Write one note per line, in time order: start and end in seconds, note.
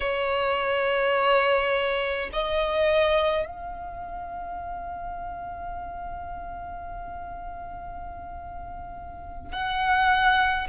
0.00 2.30 C#5
2.32 3.46 D#5
3.46 9.51 F5
9.51 10.67 F#5